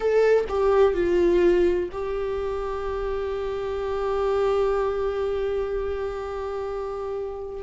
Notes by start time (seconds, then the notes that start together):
0.00 A4
0.48 G4
0.94 F4
1.91 G4